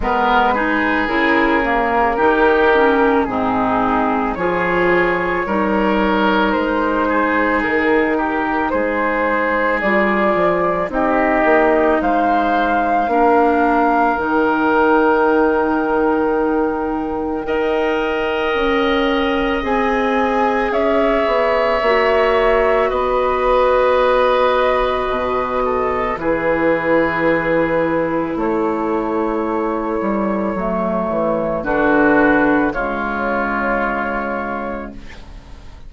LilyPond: <<
  \new Staff \with { instrumentName = "flute" } { \time 4/4 \tempo 4 = 55 b'4 ais'2 gis'4 | cis''2 c''4 ais'4 | c''4 d''4 dis''4 f''4~ | f''4 g''2.~ |
g''2 gis''4 e''4~ | e''4 dis''2. | b'2 cis''2~ | cis''4 b'4 cis''2 | }
  \new Staff \with { instrumentName = "oboe" } { \time 4/4 ais'8 gis'4. g'4 dis'4 | gis'4 ais'4. gis'4 g'8 | gis'2 g'4 c''4 | ais'1 |
dis''2. cis''4~ | cis''4 b'2~ b'8 a'8 | gis'2 a'2~ | a'4 fis'4 f'2 | }
  \new Staff \with { instrumentName = "clarinet" } { \time 4/4 b8 dis'8 e'8 ais8 dis'8 cis'8 c'4 | f'4 dis'2.~ | dis'4 f'4 dis'2 | d'4 dis'2. |
ais'2 gis'2 | fis'1 | e'1 | a4 d'4 gis2 | }
  \new Staff \with { instrumentName = "bassoon" } { \time 4/4 gis4 cis4 dis4 gis,4 | f4 g4 gis4 dis4 | gis4 g8 f8 c'8 ais8 gis4 | ais4 dis2. |
dis'4 cis'4 c'4 cis'8 b8 | ais4 b2 b,4 | e2 a4. g8 | fis8 e8 d4 cis2 | }
>>